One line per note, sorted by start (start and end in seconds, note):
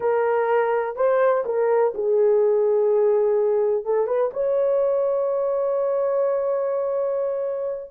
0.00 0.96 A#4
0.96 1.44 C5
1.45 1.93 A#4
1.94 3.84 G#4
3.84 4.06 A4
4.06 4.30 B4
4.33 7.91 C#5